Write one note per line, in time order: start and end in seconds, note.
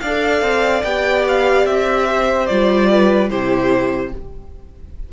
0.00 0.41 D4
0.00 0.84 A4
0.00 2.08 D5
0.00 0.82 F5
0.41 0.82 C4
0.83 1.65 B3
0.83 2.48 G4
0.83 1.24 G5
1.28 1.66 F5
1.65 2.47 C4
1.65 2.46 E5
2.08 2.90 C5
2.46 3.30 G3
2.46 3.30 F4
2.46 3.28 D5
2.90 3.30 B4
3.30 4.12 C3
3.30 4.12 E4
3.30 4.12 G4
3.30 4.12 C5